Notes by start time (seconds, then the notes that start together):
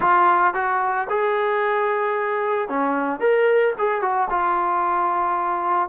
0.00 F4
0.54 F#4
1.09 G#4
2.68 C#4
3.19 A#4
3.78 G#4
4.01 F#4
4.30 F4